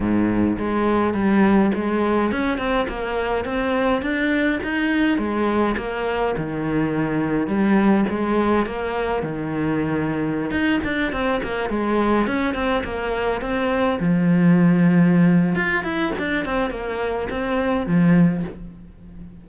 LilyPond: \new Staff \with { instrumentName = "cello" } { \time 4/4 \tempo 4 = 104 gis,4 gis4 g4 gis4 | cis'8 c'8 ais4 c'4 d'4 | dis'4 gis4 ais4 dis4~ | dis4 g4 gis4 ais4 |
dis2~ dis16 dis'8 d'8 c'8 ais16~ | ais16 gis4 cis'8 c'8 ais4 c'8.~ | c'16 f2~ f8. f'8 e'8 | d'8 c'8 ais4 c'4 f4 | }